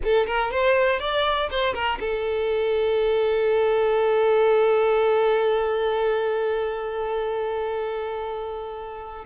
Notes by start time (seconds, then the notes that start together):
0.03 A4
0.26 A#4
0.51 C5
0.99 D5
1.50 C5
1.73 A#4
2.00 A4